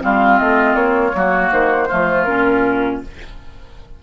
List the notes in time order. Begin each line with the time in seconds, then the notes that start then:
0.00 G3 C4 F4 F5
0.39 A3 D#5
0.74 A#3 C#5
1.14 F#3 A#3 F#4
1.51 D#3 C5
1.88 F3 A3 F4
2.23 A#2 C#4 A#4